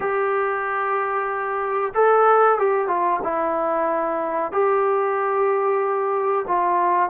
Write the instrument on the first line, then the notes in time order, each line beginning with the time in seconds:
trombone
0.00 G4
1.94 A4
2.58 G4
2.87 F4
3.23 E4
4.52 G4
6.47 F4